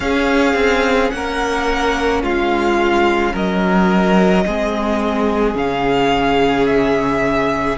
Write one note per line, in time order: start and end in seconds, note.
0.00 0.53 C#4
0.00 4.45 C#4
0.00 1.13 G#4
0.00 1.10 F5
0.53 1.09 C4
1.10 2.22 A#3
1.10 2.22 A#4
1.10 2.21 F#5
2.22 3.33 G#3
2.22 3.32 F4
2.22 3.35 F5
3.32 4.45 F#3
3.32 4.44 A#4
3.32 5.56 D#5
4.45 5.54 G#3
4.45 5.54 C4
4.45 7.77 G#4
5.54 7.76 C#3
5.54 7.76 C#4
5.54 6.66 F5
6.66 7.77 E5